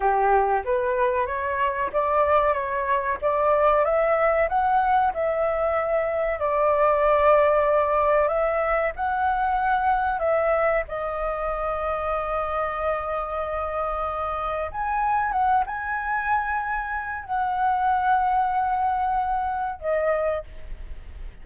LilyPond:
\new Staff \with { instrumentName = "flute" } { \time 4/4 \tempo 4 = 94 g'4 b'4 cis''4 d''4 | cis''4 d''4 e''4 fis''4 | e''2 d''2~ | d''4 e''4 fis''2 |
e''4 dis''2.~ | dis''2. gis''4 | fis''8 gis''2~ gis''8 fis''4~ | fis''2. dis''4 | }